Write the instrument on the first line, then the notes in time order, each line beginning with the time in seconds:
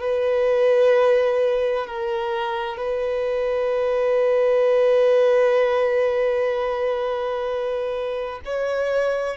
violin
0.00 B4
1.87 A#4
2.77 B4
8.45 C#5